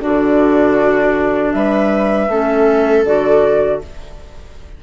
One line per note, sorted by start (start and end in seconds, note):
0.00 1.54 D3
0.00 2.28 D4
0.00 1.54 F#4
0.00 1.53 D5
1.53 2.28 G3
1.53 2.31 B4
1.53 3.05 E5
2.28 3.04 A3
2.28 3.06 C#4
2.28 3.83 A4
3.05 3.81 D3
3.05 3.82 F#4
3.05 3.82 D5